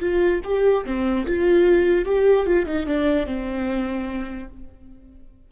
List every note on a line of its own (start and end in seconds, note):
0.00 0.41 F4
0.44 0.85 G4
0.85 1.26 C4
1.26 2.05 F4
2.05 2.46 G4
2.46 2.66 F4
2.66 2.86 D#4
2.86 3.26 D4
3.26 4.49 C4